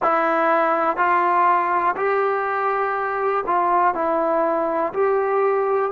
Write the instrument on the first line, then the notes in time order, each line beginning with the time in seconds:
trombone
0.02 E4
0.96 F4
1.96 G4
3.46 F4
3.94 E4
4.93 G4